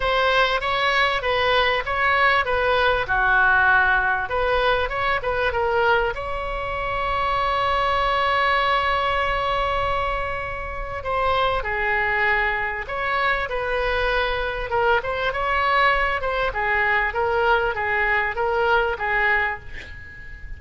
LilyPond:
\new Staff \with { instrumentName = "oboe" } { \time 4/4 \tempo 4 = 98 c''4 cis''4 b'4 cis''4 | b'4 fis'2 b'4 | cis''8 b'8 ais'4 cis''2~ | cis''1~ |
cis''2 c''4 gis'4~ | gis'4 cis''4 b'2 | ais'8 c''8 cis''4. c''8 gis'4 | ais'4 gis'4 ais'4 gis'4 | }